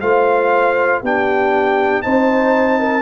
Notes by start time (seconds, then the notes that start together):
0.00 A3 F4 C5 F5
1.02 B3 D4 G4 G5
2.02 C4 D#4 C5 A5
2.79 A#4